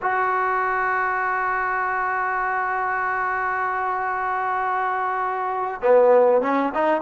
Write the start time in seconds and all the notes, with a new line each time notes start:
0.01 F#4
5.81 B3
6.41 C#4
6.74 D#4